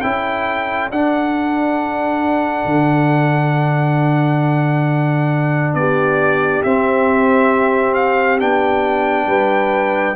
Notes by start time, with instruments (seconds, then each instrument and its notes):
0.00 tuba C#4, trombone E4, horn A4, trumpet G5
0.91 tuba D4, trombone D4, trumpet F#5
2.65 tuba D3
5.74 tuba B3, horn G4, trumpet D5
6.63 tuba C4, trombone C4, trumpet E5
7.94 trumpet F5
8.39 tuba B3, trombone D4, trumpet G5
9.26 tuba G3, horn B4